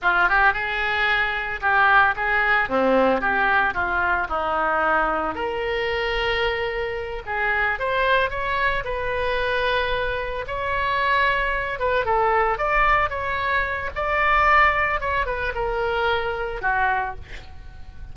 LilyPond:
\new Staff \with { instrumentName = "oboe" } { \time 4/4 \tempo 4 = 112 f'8 g'8 gis'2 g'4 | gis'4 c'4 g'4 f'4 | dis'2 ais'2~ | ais'4. gis'4 c''4 cis''8~ |
cis''8 b'2. cis''8~ | cis''2 b'8 a'4 d''8~ | d''8 cis''4. d''2 | cis''8 b'8 ais'2 fis'4 | }